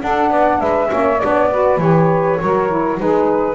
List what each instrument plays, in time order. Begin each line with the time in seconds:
0.00 saxophone D4 A4, double bass D4, flute F#5
0.29 double bass B3, saxophone D5
0.59 double bass G#3, saxophone B4, flute E5
0.88 double bass A#3, saxophone C#4 C#5
1.19 double bass B3, saxophone D4, flute D5
1.51 saxophone F#4 B4
1.77 double bass E3, saxophone G4, flute C#5
2.40 double bass F#3, saxophone F#4 A#4
2.68 saxophone E4
2.98 double bass G#3, saxophone D#4 G#4, flute B4